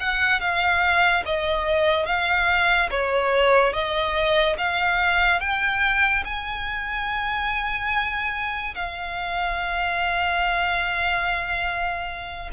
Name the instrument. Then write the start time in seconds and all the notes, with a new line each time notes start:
violin
0.00 F#5
0.41 F5
1.25 D#5
2.06 F5
2.91 C#5
3.73 D#5
4.58 F5
5.40 G5
6.25 G#5
8.75 F5